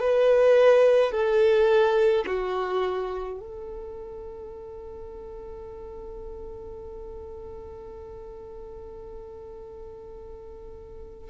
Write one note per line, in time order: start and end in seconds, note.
0.00 1.12 B4
1.12 2.25 A4
2.26 3.40 F#4
3.40 11.30 A4